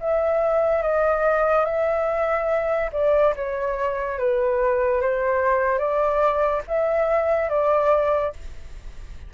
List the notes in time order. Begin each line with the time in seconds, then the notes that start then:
0.00 E5
0.83 D#5
1.66 E5
2.92 D5
3.36 C#5
4.19 B4
5.02 C5
5.79 D5
6.68 E5
7.50 D5